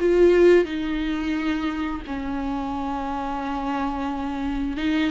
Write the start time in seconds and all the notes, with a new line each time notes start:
0.00 F4
0.65 D#4
2.07 C#4
4.77 D#4